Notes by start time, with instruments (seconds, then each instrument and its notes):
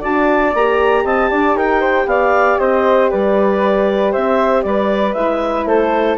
0.00 bassoon D4, horn F#4, flute D5, clarinet A5
0.54 bassoon A#3, horn G4, clarinet A#5
1.04 bassoon C4, flute D#5, clarinet A5
1.30 bassoon D4, flute D5
1.55 bassoon D#4, flute A#4, clarinet G5
1.80 flute C5
2.06 bassoon B3, flute D5, clarinet F5
2.58 bassoon C4, flute C5, clarinet D#5
3.10 bassoon G3, flute B4, clarinet D5
4.11 bassoon C4, flute C5, clarinet E5
4.62 bassoon G3, flute B4, clarinet D5
5.13 bassoon G#3, horn E4, clarinet E5
5.65 bassoon A3, flute A4, clarinet C5